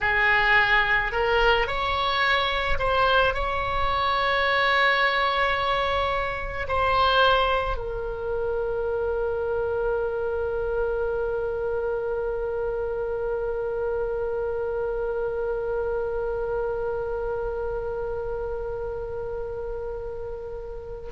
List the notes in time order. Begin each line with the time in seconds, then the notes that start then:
0.01 G#4
1.12 A#4
1.67 C#5
2.78 C5
3.33 C#5
6.68 C5
7.76 A#4